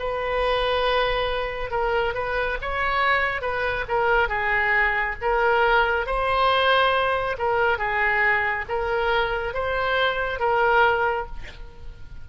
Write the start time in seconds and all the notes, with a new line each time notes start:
0.00 B4
1.71 A#4
2.15 B4
2.62 C#5
3.42 B4
3.89 A#4
4.29 G#4
5.22 A#4
6.07 C5
7.39 A#4
7.79 G#4
8.69 A#4
9.54 C5
10.40 A#4